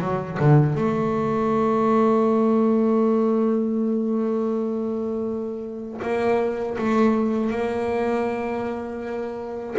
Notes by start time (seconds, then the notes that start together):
0.00 F#3
0.39 D3
0.75 A3
6.02 A#3
6.78 A3
7.50 A#3